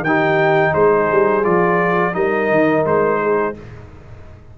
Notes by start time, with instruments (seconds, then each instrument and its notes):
0.00 tuba D#3, trumpet G5
0.06 trombone D#4, horn G4
0.72 tuba G#3, horn G#4, trumpet C5
1.11 tuba G3
1.43 tuba F3, trombone F4, trumpet D5
2.13 tuba G3, trombone D#4, horn A#4, trumpet D#5
2.50 tuba D#3
2.85 tuba G#3, trumpet C5
3.22 horn G#4